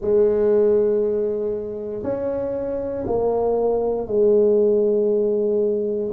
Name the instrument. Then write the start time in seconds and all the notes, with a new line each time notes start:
tuba
0.00 G#3
2.03 C#4
3.06 A#3
4.07 G#3